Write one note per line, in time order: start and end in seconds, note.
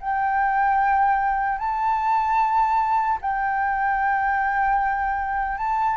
0.00 1.58 G5
1.58 3.18 A5
3.21 5.57 G5
5.57 5.96 A5